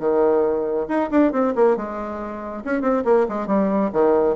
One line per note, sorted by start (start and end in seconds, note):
0.00 0.87 D#3
0.89 1.10 D#4
1.11 1.32 D4
1.32 1.54 C4
1.56 1.77 A#3
1.77 2.64 G#3
2.65 2.82 C#4
2.82 3.04 C4
3.05 3.27 A#3
3.29 3.48 G#3
3.48 3.91 G3
3.93 4.37 D#3